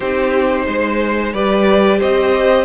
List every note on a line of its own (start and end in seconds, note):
0.00 0.66 C4
0.00 1.34 D#4
0.00 0.65 G4
0.00 1.33 C5
0.66 1.33 G#3
0.66 1.33 C5
1.33 2.00 G3
1.33 2.65 G4
1.33 1.98 B4
1.33 1.99 D5
1.98 2.65 C4
1.98 2.65 C5
1.98 2.65 D#5